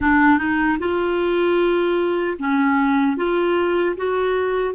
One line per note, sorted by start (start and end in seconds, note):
0.00 0.38 D4
0.38 0.78 D#4
0.79 2.37 F4
2.39 3.16 C#4
3.16 3.95 F4
3.97 4.74 F#4